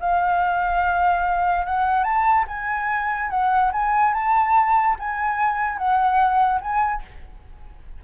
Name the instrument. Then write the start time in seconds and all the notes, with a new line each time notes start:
flute
0.00 F5
1.66 F#5
2.04 A5
2.47 G#5
3.30 F#5
3.73 G#5
4.14 A5
4.99 G#5
5.78 F#5
6.61 G#5